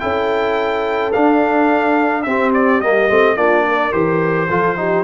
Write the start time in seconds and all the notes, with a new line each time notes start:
0.00 C#4 E4 A4 G5
1.13 D4 F5
2.23 C4 G4 E5
2.54 D5
2.81 G3 A#3 D#5
3.09 A3 C4
3.37 A#3 D4 F4 D5
3.68 A#4
3.93 E3 G4 C5
4.50 F3 F4 A4
4.77 D#4 G4